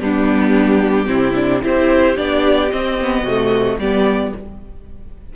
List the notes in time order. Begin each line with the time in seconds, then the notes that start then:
0.00 G3 B3 D4 G4
1.06 C3 C4 E4
1.35 D4
1.62 C4 E4 G4 C5
2.17 B3 D4 D5
2.71 C4 D#5
3.02 B3
3.22 C3 A3 F#4
3.78 G3 B3 G4 D5